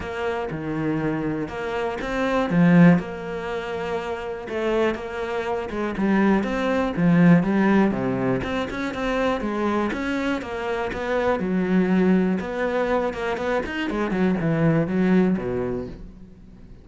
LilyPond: \new Staff \with { instrumentName = "cello" } { \time 4/4 \tempo 4 = 121 ais4 dis2 ais4 | c'4 f4 ais2~ | ais4 a4 ais4. gis8 | g4 c'4 f4 g4 |
c4 c'8 cis'8 c'4 gis4 | cis'4 ais4 b4 fis4~ | fis4 b4. ais8 b8 dis'8 | gis8 fis8 e4 fis4 b,4 | }